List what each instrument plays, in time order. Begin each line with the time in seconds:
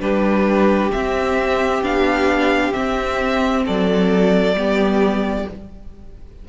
0.00 cello G3, viola D4, violin G4 B4
0.92 viola C4, cello C4, violin E5
1.81 cello B3, viola D4, violin F5
2.73 viola C4, cello C4, violin E5
3.65 cello F#3, violin A4 D5
4.54 cello G3, viola B3, violin G4